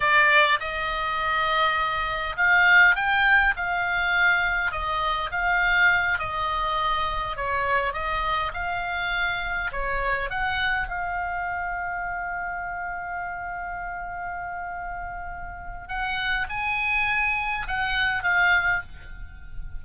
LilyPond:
\new Staff \with { instrumentName = "oboe" } { \time 4/4 \tempo 4 = 102 d''4 dis''2. | f''4 g''4 f''2 | dis''4 f''4. dis''4.~ | dis''8 cis''4 dis''4 f''4.~ |
f''8 cis''4 fis''4 f''4.~ | f''1~ | f''2. fis''4 | gis''2 fis''4 f''4 | }